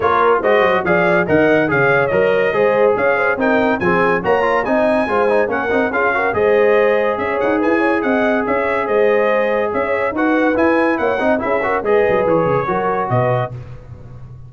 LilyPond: <<
  \new Staff \with { instrumentName = "trumpet" } { \time 4/4 \tempo 4 = 142 cis''4 dis''4 f''4 fis''4 | f''4 dis''2 f''4 | g''4 gis''4 ais''4 gis''4~ | gis''4 fis''4 f''4 dis''4~ |
dis''4 e''8 fis''8 gis''4 fis''4 | e''4 dis''2 e''4 | fis''4 gis''4 fis''4 e''4 | dis''4 cis''2 dis''4 | }
  \new Staff \with { instrumentName = "horn" } { \time 4/4 ais'4 c''4 d''4 dis''4 | cis''2 c''4 cis''8 c''8 | ais'4 gis'4 cis''4 dis''4 | c''4 ais'4 gis'8 ais'8 c''4~ |
c''4 cis''4 b'8 cis''8 dis''4 | cis''4 c''2 cis''4 | b'2 cis''8 dis''8 gis'8 ais'8 | b'2 ais'4 b'4 | }
  \new Staff \with { instrumentName = "trombone" } { \time 4/4 f'4 fis'4 gis'4 ais'4 | gis'4 ais'4 gis'2 | dis'4 c'4 fis'8 f'8 dis'4 | f'8 dis'8 cis'8 dis'8 f'8 fis'8 gis'4~ |
gis'1~ | gis'1 | fis'4 e'4. dis'8 e'8 fis'8 | gis'2 fis'2 | }
  \new Staff \with { instrumentName = "tuba" } { \time 4/4 ais4 gis8 fis8 f4 dis4 | cis4 fis4 gis4 cis'4 | c'4 f4 ais4 c'4 | gis4 ais8 c'8 cis'4 gis4~ |
gis4 cis'8 dis'8 e'4 c'4 | cis'4 gis2 cis'4 | dis'4 e'4 ais8 c'8 cis'4 | gis8 fis8 e8 cis8 fis4 b,4 | }
>>